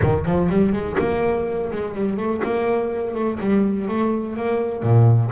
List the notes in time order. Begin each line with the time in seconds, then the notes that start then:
0.02 D#3
0.25 F3
0.49 G3
0.72 G#3
0.98 A#3
1.71 G#3
1.94 G3
2.17 A3
2.44 A#3
3.14 A3
3.40 G3
3.88 A3
4.36 A#3
4.83 A#2